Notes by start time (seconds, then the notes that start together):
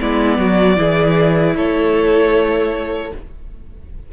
0.00 G#3 B3 E4 D5
0.38 F#3 F#4
0.77 E3 E4 G#4
1.56 A3 A4 C#5